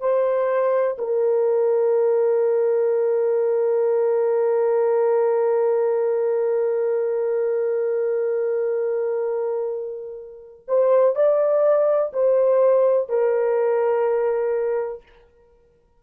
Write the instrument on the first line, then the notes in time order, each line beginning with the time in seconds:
horn
0.00 C5
0.98 A#4
10.68 C5
11.16 D5
12.13 C5
13.09 A#4